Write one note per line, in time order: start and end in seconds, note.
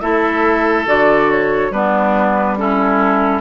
0.00 0.86 A3
0.00 0.86 E4
0.00 1.72 A4
0.00 0.86 E5
0.86 1.70 D3
0.86 1.72 F#4
0.86 1.30 D5
1.30 1.72 C#5
1.70 3.41 G3
1.70 2.57 B3
1.70 2.57 D4
1.70 2.57 B4
2.57 3.41 C#4
2.57 3.41 E4
2.57 3.41 A4